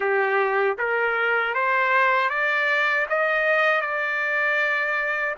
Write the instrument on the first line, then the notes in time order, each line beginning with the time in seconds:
trumpet
0.00 G4
0.78 A#4
1.54 C5
2.29 D5
3.09 D#5
3.81 D5